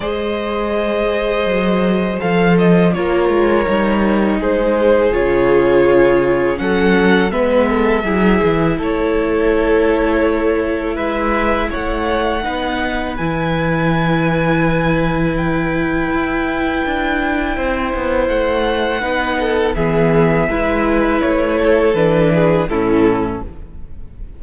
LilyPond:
<<
  \new Staff \with { instrumentName = "violin" } { \time 4/4 \tempo 4 = 82 dis''2. f''8 dis''8 | cis''2 c''4 cis''4~ | cis''4 fis''4 e''2 | cis''2. e''4 |
fis''2 gis''2~ | gis''4 g''2.~ | g''4 fis''2 e''4~ | e''4 cis''4 b'4 a'4 | }
  \new Staff \with { instrumentName = "violin" } { \time 4/4 c''1 | ais'2 gis'2~ | gis'4 a'4 b'8 a'8 gis'4 | a'2. b'4 |
cis''4 b'2.~ | b'1 | c''2 b'8 a'8 gis'4 | b'4. a'4 gis'8 e'4 | }
  \new Staff \with { instrumentName = "viola" } { \time 4/4 gis'2. a'4 | f'4 dis'2 f'4~ | f'4 cis'4 b4 e'4~ | e'1~ |
e'4 dis'4 e'2~ | e'1~ | e'2 dis'4 b4 | e'2 d'4 cis'4 | }
  \new Staff \with { instrumentName = "cello" } { \time 4/4 gis2 fis4 f4 | ais8 gis8 g4 gis4 cis4~ | cis4 fis4 gis4 fis8 e8 | a2. gis4 |
a4 b4 e2~ | e2 e'4 d'4 | c'8 b8 a4 b4 e4 | gis4 a4 e4 a,4 | }
>>